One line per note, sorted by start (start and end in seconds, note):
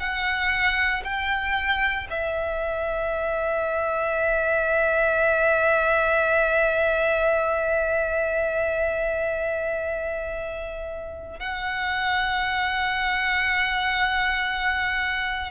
0.00 1.03 F#5
1.05 2.08 G5
2.11 11.40 E5
11.40 15.51 F#5